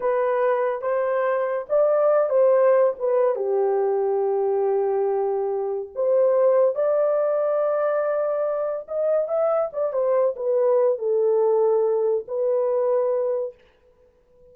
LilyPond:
\new Staff \with { instrumentName = "horn" } { \time 4/4 \tempo 4 = 142 b'2 c''2 | d''4. c''4. b'4 | g'1~ | g'2 c''2 |
d''1~ | d''4 dis''4 e''4 d''8 c''8~ | c''8 b'4. a'2~ | a'4 b'2. | }